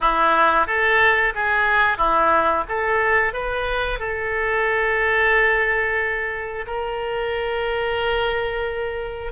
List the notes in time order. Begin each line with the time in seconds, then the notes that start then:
0.00 E4
0.66 A4
1.35 G#4
1.97 E4
2.68 A4
3.33 B4
3.98 A4
6.66 A#4